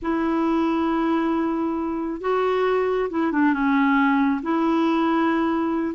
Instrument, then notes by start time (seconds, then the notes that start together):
clarinet
0.02 E4
2.21 F#4
3.10 E4
3.32 D4
3.53 C#4
4.42 E4